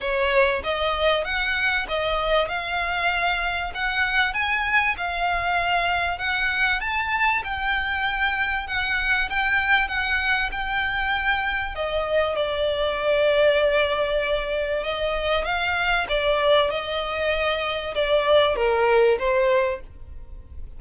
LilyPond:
\new Staff \with { instrumentName = "violin" } { \time 4/4 \tempo 4 = 97 cis''4 dis''4 fis''4 dis''4 | f''2 fis''4 gis''4 | f''2 fis''4 a''4 | g''2 fis''4 g''4 |
fis''4 g''2 dis''4 | d''1 | dis''4 f''4 d''4 dis''4~ | dis''4 d''4 ais'4 c''4 | }